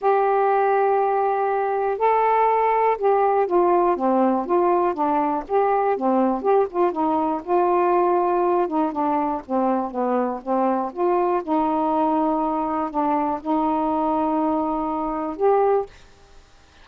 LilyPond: \new Staff \with { instrumentName = "saxophone" } { \time 4/4 \tempo 4 = 121 g'1 | a'2 g'4 f'4 | c'4 f'4 d'4 g'4 | c'4 g'8 f'8 dis'4 f'4~ |
f'4. dis'8 d'4 c'4 | b4 c'4 f'4 dis'4~ | dis'2 d'4 dis'4~ | dis'2. g'4 | }